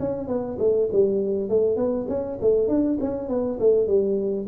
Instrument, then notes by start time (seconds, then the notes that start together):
tuba
0.00 C#4
0.28 B3
0.59 A3
0.92 G3
1.50 A3
1.77 B3
2.09 C#4
2.42 A3
2.69 D4
3.01 C#4
3.29 B3
3.60 A3
3.88 G3